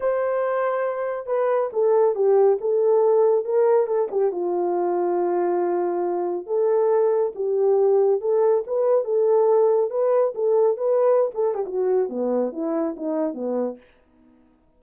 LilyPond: \new Staff \with { instrumentName = "horn" } { \time 4/4 \tempo 4 = 139 c''2. b'4 | a'4 g'4 a'2 | ais'4 a'8 g'8 f'2~ | f'2. a'4~ |
a'4 g'2 a'4 | b'4 a'2 b'4 | a'4 b'4~ b'16 a'8 g'16 fis'4 | b4 e'4 dis'4 b4 | }